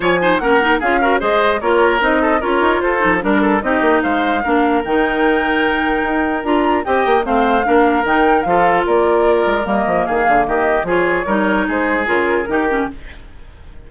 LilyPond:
<<
  \new Staff \with { instrumentName = "flute" } { \time 4/4 \tempo 4 = 149 gis''4 fis''4 f''4 dis''4 | cis''4 dis''4 cis''4 c''4 | ais'4 dis''4 f''2 | g''1 |
ais''4 g''4 f''2 | g''4 f''4 d''2 | dis''4 f''4 dis''4 cis''4~ | cis''4 c''4 ais'2 | }
  \new Staff \with { instrumentName = "oboe" } { \time 4/4 cis''8 c''8 ais'4 gis'8 ais'8 c''4 | ais'4. a'8 ais'4 a'4 | ais'8 a'8 g'4 c''4 ais'4~ | ais'1~ |
ais'4 dis''4 c''4 ais'4~ | ais'4 a'4 ais'2~ | ais'4 gis'4 g'4 gis'4 | ais'4 gis'2 g'4 | }
  \new Staff \with { instrumentName = "clarinet" } { \time 4/4 f'8 dis'8 cis'8 dis'8 f'8 fis'8 gis'4 | f'4 dis'4 f'4. dis'8 | d'4 dis'2 d'4 | dis'1 |
f'4 g'4 c'4 d'4 | dis'4 f'2. | ais2. f'4 | dis'2 f'4 dis'8 cis'8 | }
  \new Staff \with { instrumentName = "bassoon" } { \time 4/4 f4 ais4 cis'4 gis4 | ais4 c'4 cis'8 dis'8 f'8 f8 | g4 c'8 ais8 gis4 ais4 | dis2. dis'4 |
d'4 c'8 ais8 a4 ais4 | dis4 f4 ais4. gis8 | g8 f8 dis8 d8 dis4 f4 | g4 gis4 cis4 dis4 | }
>>